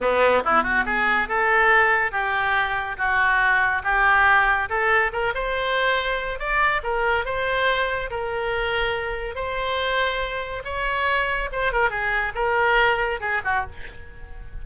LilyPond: \new Staff \with { instrumentName = "oboe" } { \time 4/4 \tempo 4 = 141 b4 e'8 fis'8 gis'4 a'4~ | a'4 g'2 fis'4~ | fis'4 g'2 a'4 | ais'8 c''2~ c''8 d''4 |
ais'4 c''2 ais'4~ | ais'2 c''2~ | c''4 cis''2 c''8 ais'8 | gis'4 ais'2 gis'8 fis'8 | }